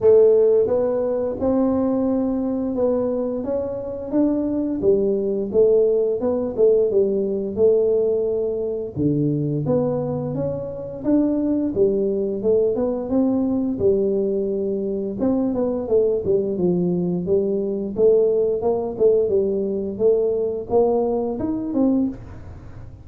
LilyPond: \new Staff \with { instrumentName = "tuba" } { \time 4/4 \tempo 4 = 87 a4 b4 c'2 | b4 cis'4 d'4 g4 | a4 b8 a8 g4 a4~ | a4 d4 b4 cis'4 |
d'4 g4 a8 b8 c'4 | g2 c'8 b8 a8 g8 | f4 g4 a4 ais8 a8 | g4 a4 ais4 dis'8 c'8 | }